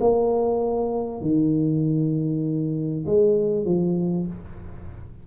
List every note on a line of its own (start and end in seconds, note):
0.00 1.21 A#3
1.21 3.05 D#3
3.06 3.65 G#3
3.65 4.26 F3